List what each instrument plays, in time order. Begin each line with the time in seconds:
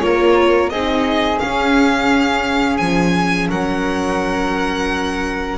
0.00 double bass A#3, viola F4, flute A#4, violin C#5
0.70 double bass C4, viola D#4, flute G#4, violin D#5
1.39 viola C#4, double bass C#4, violin F5
2.78 double bass F3, violin G#5
3.50 double bass F#3, flute A#4, violin F#5